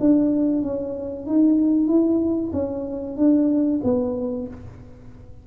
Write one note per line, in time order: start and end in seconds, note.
0.00 0.62 D4
0.62 1.26 C#4
1.26 1.87 D#4
1.87 2.51 E4
2.53 3.17 C#4
3.17 3.81 D4
3.83 4.47 B3